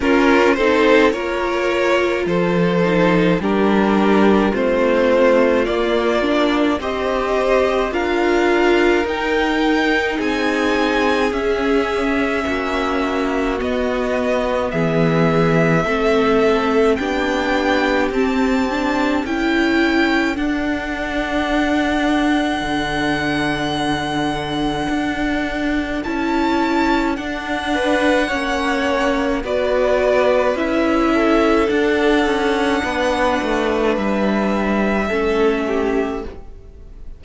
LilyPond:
<<
  \new Staff \with { instrumentName = "violin" } { \time 4/4 \tempo 4 = 53 ais'8 c''8 cis''4 c''4 ais'4 | c''4 d''4 dis''4 f''4 | g''4 gis''4 e''2 | dis''4 e''2 g''4 |
a''4 g''4 fis''2~ | fis''2. a''4 | fis''2 d''4 e''4 | fis''2 e''2 | }
  \new Staff \with { instrumentName = "violin" } { \time 4/4 f'8 a'8 ais'4 a'4 g'4 | f'2 c''4 ais'4~ | ais'4 gis'2 fis'4~ | fis'4 gis'4 a'4 g'4~ |
g'4 a'2.~ | a'1~ | a'8 b'8 cis''4 b'4. a'8~ | a'4 b'2 a'8 g'8 | }
  \new Staff \with { instrumentName = "viola" } { \time 4/4 cis'8 dis'8 f'4. dis'8 d'4 | c'4 ais8 d'8 g'4 f'4 | dis'2 cis'2 | b2 c'4 d'4 |
c'8 d'8 e'4 d'2~ | d'2. e'4 | d'4 cis'4 fis'4 e'4 | d'2. cis'4 | }
  \new Staff \with { instrumentName = "cello" } { \time 4/4 cis'8 c'8 ais4 f4 g4 | a4 ais4 c'4 d'4 | dis'4 c'4 cis'4 ais4 | b4 e4 a4 b4 |
c'4 cis'4 d'2 | d2 d'4 cis'4 | d'4 ais4 b4 cis'4 | d'8 cis'8 b8 a8 g4 a4 | }
>>